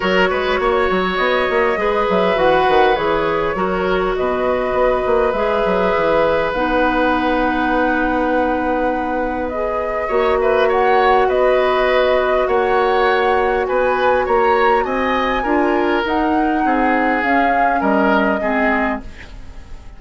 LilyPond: <<
  \new Staff \with { instrumentName = "flute" } { \time 4/4 \tempo 4 = 101 cis''2 dis''4. e''8 | fis''4 cis''2 dis''4~ | dis''4 e''2 fis''4~ | fis''1 |
dis''4. e''8 fis''4 dis''4~ | dis''4 fis''2 gis''4 | ais''4 gis''2 fis''4~ | fis''4 f''4 dis''2 | }
  \new Staff \with { instrumentName = "oboe" } { \time 4/4 ais'8 b'8 cis''2 b'4~ | b'2 ais'4 b'4~ | b'1~ | b'1~ |
b'4 cis''8 b'8 cis''4 b'4~ | b'4 cis''2 b'4 | cis''4 dis''4 ais'2 | gis'2 ais'4 gis'4 | }
  \new Staff \with { instrumentName = "clarinet" } { \time 4/4 fis'2. gis'4 | fis'4 gis'4 fis'2~ | fis'4 gis'2 dis'4~ | dis'1 |
gis'4 fis'2.~ | fis'1~ | fis'2 f'4 dis'4~ | dis'4 cis'2 c'4 | }
  \new Staff \with { instrumentName = "bassoon" } { \time 4/4 fis8 gis8 ais8 fis8 b8 ais8 gis8 fis8 | e8 dis8 e4 fis4 b,4 | b8 ais8 gis8 fis8 e4 b4~ | b1~ |
b4 ais2 b4~ | b4 ais2 b4 | ais4 c'4 d'4 dis'4 | c'4 cis'4 g4 gis4 | }
>>